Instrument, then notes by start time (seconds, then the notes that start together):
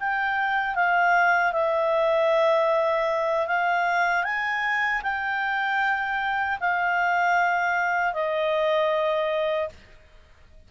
clarinet
0.00 G5
0.75 F5
1.53 E5
3.47 F5
4.24 G#5
5.03 G5
6.60 F5
8.13 D#5